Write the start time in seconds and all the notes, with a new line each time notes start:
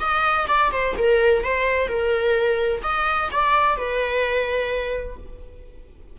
0.00 D#5
0.48 D5
0.72 C5
0.98 A#4
1.44 C5
1.88 A#4
2.83 D#5
3.32 D5
3.77 B4